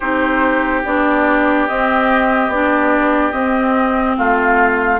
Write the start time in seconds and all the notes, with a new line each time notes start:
0.00 C4 D#4 G4 C5
0.85 B3 D4 D5
1.68 C4 D#5
2.48 B3 D4 D5
3.31 C4 D#5
4.17 A3 F4 F5